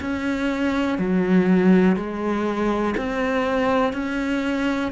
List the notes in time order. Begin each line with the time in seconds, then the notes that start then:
0.00 C#4
0.97 F#3
1.96 G#3
2.96 C4
3.93 C#4